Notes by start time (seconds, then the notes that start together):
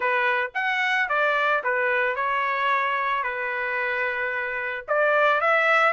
0.00 B4
0.54 F#5
1.08 D5
1.63 B4
2.15 C#5
3.23 B4
4.88 D5
5.41 E5